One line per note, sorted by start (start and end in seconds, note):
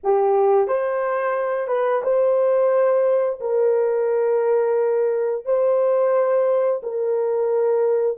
0.03 0.67 G4
0.67 1.67 C5
1.67 2.01 B4
2.03 3.39 C5
3.40 5.45 A#4
5.45 6.81 C5
6.82 8.17 A#4